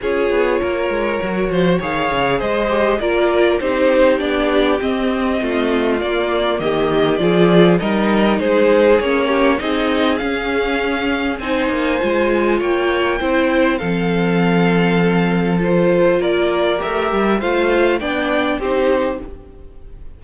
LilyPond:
<<
  \new Staff \with { instrumentName = "violin" } { \time 4/4 \tempo 4 = 100 cis''2. f''4 | dis''4 d''4 c''4 d''4 | dis''2 d''4 dis''4 | d''4 dis''4 c''4 cis''4 |
dis''4 f''2 gis''4~ | gis''4 g''2 f''4~ | f''2 c''4 d''4 | e''4 f''4 g''4 c''4 | }
  \new Staff \with { instrumentName = "violin" } { \time 4/4 gis'4 ais'4. c''8 cis''4 | c''4 ais'4 g'2~ | g'4 f'2 g'4 | gis'4 ais'4 gis'4. g'8 |
gis'2. c''4~ | c''4 cis''4 c''4 a'4~ | a'2. ais'4~ | ais'4 c''4 d''4 g'4 | }
  \new Staff \with { instrumentName = "viola" } { \time 4/4 f'2 fis'4 gis'4~ | gis'8 g'8 f'4 dis'4 d'4 | c'2 ais2 | f'4 dis'2 cis'4 |
dis'4 cis'2 dis'4 | f'2 e'4 c'4~ | c'2 f'2 | g'4 f'4 d'4 dis'4 | }
  \new Staff \with { instrumentName = "cello" } { \time 4/4 cis'8 b8 ais8 gis8 fis8 f8 dis8 cis8 | gis4 ais4 c'4 b4 | c'4 a4 ais4 dis4 | f4 g4 gis4 ais4 |
c'4 cis'2 c'8 ais8 | gis4 ais4 c'4 f4~ | f2. ais4 | a8 g8 a4 b4 c'4 | }
>>